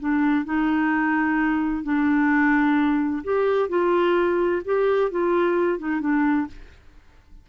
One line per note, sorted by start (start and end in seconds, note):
0.00 0.45 D4
0.45 1.84 D#4
1.84 3.23 D4
3.24 3.70 G4
3.70 4.63 F4
4.65 5.11 G4
5.11 5.79 F4
5.79 6.01 D#4
6.01 6.48 D4